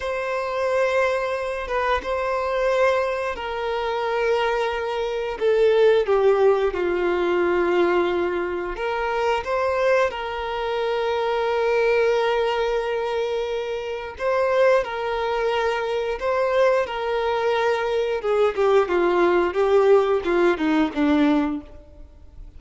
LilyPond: \new Staff \with { instrumentName = "violin" } { \time 4/4 \tempo 4 = 89 c''2~ c''8 b'8 c''4~ | c''4 ais'2. | a'4 g'4 f'2~ | f'4 ais'4 c''4 ais'4~ |
ais'1~ | ais'4 c''4 ais'2 | c''4 ais'2 gis'8 g'8 | f'4 g'4 f'8 dis'8 d'4 | }